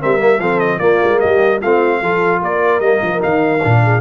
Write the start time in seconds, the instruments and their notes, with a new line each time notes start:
0.00 tuba G3, trombone C4, horn A#4, trumpet E5
0.19 trombone A#3
0.39 tuba F3, trombone C4, horn A4, trumpet F5
0.59 trumpet D#5
0.79 tuba A#3, trombone A#3, horn F4, trumpet D5
1.04 tuba G#3
1.19 tuba G3, horn G4, trumpet D#5
1.61 tuba A3, trombone C4, horn F4, trumpet F5
2.02 tuba F3, trombone F4, horn A4
2.41 tuba A#3, horn A#4, trumpet D5
2.80 tuba G3, trombone A#3, trumpet D#5
3.02 tuba F3
3.18 tuba D#3, trombone D#4, trumpet F5
3.63 tuba A#2, trombone D4
3.83 horn G#4